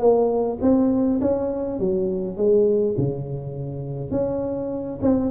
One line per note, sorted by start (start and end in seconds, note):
0.00 0.59 A#3
0.62 1.21 C4
1.22 1.80 C#4
1.80 2.38 F#3
2.38 2.97 G#3
2.98 4.11 C#3
4.11 5.00 C#4
5.02 5.32 C4